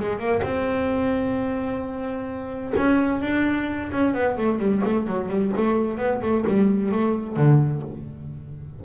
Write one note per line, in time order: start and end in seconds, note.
0.00 0.19 G#3
0.19 0.42 A#3
0.43 2.74 C4
2.77 3.22 C#4
3.22 3.91 D4
3.92 4.14 C#4
4.14 4.37 B3
4.37 4.59 A3
4.59 4.82 G3
4.85 5.07 A3
5.07 5.29 F#3
5.29 5.52 G3
5.57 5.98 A3
5.98 6.21 B3
6.22 6.45 A3
6.48 6.92 G3
6.92 7.36 A3
7.36 7.83 D3